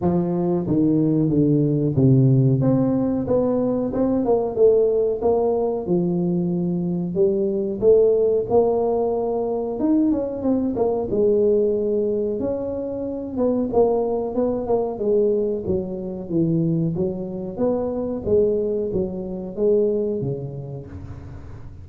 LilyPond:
\new Staff \with { instrumentName = "tuba" } { \time 4/4 \tempo 4 = 92 f4 dis4 d4 c4 | c'4 b4 c'8 ais8 a4 | ais4 f2 g4 | a4 ais2 dis'8 cis'8 |
c'8 ais8 gis2 cis'4~ | cis'8 b8 ais4 b8 ais8 gis4 | fis4 e4 fis4 b4 | gis4 fis4 gis4 cis4 | }